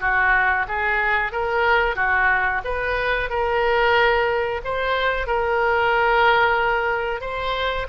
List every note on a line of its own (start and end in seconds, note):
0.00 0.66 F#4
0.68 1.32 G#4
1.32 1.96 A#4
1.96 2.62 F#4
2.65 3.30 B4
3.30 4.62 A#4
4.65 5.27 C5
5.27 7.21 A#4
7.21 7.87 C5